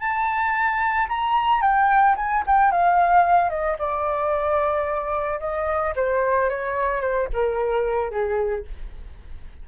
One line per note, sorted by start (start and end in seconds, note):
0.00 1.08 A5
1.09 1.62 A#5
1.62 2.16 G5
2.17 2.44 G#5
2.47 2.72 G5
2.72 3.50 F5
3.50 3.77 D#5
3.79 5.40 D5
5.40 5.94 D#5
5.96 6.50 C5
6.50 7.01 C#5
7.01 7.29 C5
7.33 8.11 A#4
8.11 8.65 G#4